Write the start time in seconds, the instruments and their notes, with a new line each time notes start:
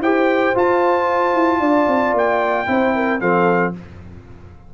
0.00 tuba E4, trombone G4, horn C5, trumpet G5
0.55 trombone F4, tuba F4, trumpet A5
1.34 tuba E4
1.60 tuba D4, horn D5
1.88 tuba C4
2.14 tuba A#3, trumpet G5
2.66 tuba C4, trombone E4, horn C5
2.95 horn A#4
3.20 tuba F3, trombone C4, horn A4, trumpet F5